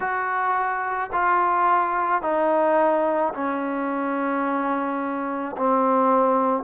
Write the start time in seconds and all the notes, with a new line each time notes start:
0.00 F#4
1.12 F4
2.22 D#4
3.33 C#4
5.57 C4